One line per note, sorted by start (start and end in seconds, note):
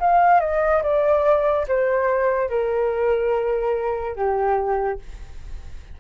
0.00 0.41 F5
0.41 0.82 D#5
0.83 1.66 D5
1.68 2.50 C5
2.50 4.16 A#4
4.16 4.99 G4